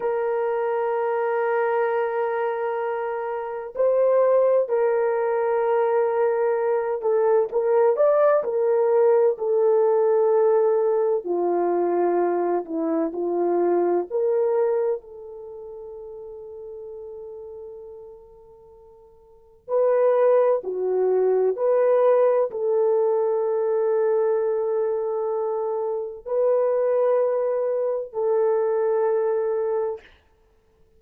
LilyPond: \new Staff \with { instrumentName = "horn" } { \time 4/4 \tempo 4 = 64 ais'1 | c''4 ais'2~ ais'8 a'8 | ais'8 d''8 ais'4 a'2 | f'4. e'8 f'4 ais'4 |
a'1~ | a'4 b'4 fis'4 b'4 | a'1 | b'2 a'2 | }